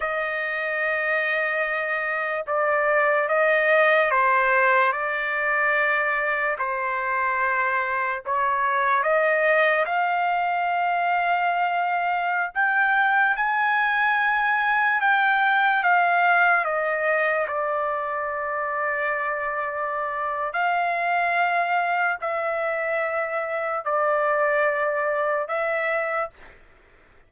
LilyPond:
\new Staff \with { instrumentName = "trumpet" } { \time 4/4 \tempo 4 = 73 dis''2. d''4 | dis''4 c''4 d''2 | c''2 cis''4 dis''4 | f''2.~ f''16 g''8.~ |
g''16 gis''2 g''4 f''8.~ | f''16 dis''4 d''2~ d''8.~ | d''4 f''2 e''4~ | e''4 d''2 e''4 | }